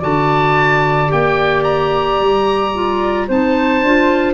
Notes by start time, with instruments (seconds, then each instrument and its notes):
0.00 tuba D3, clarinet F#4, flute D5, oboe A5
1.07 tuba A#3, clarinet G4, oboe G5
1.64 oboe A#5
2.21 tuba G3
2.75 clarinet F4
3.28 tuba C4, clarinet D#4, flute C5, oboe A5
3.82 tuba D4, clarinet F4